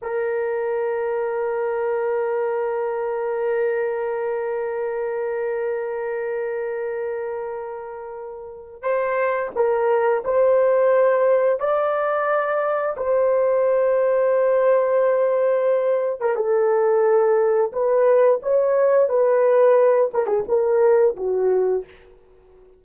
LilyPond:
\new Staff \with { instrumentName = "horn" } { \time 4/4 \tempo 4 = 88 ais'1~ | ais'1~ | ais'1~ | ais'4 c''4 ais'4 c''4~ |
c''4 d''2 c''4~ | c''2.~ c''8. ais'16 | a'2 b'4 cis''4 | b'4. ais'16 gis'16 ais'4 fis'4 | }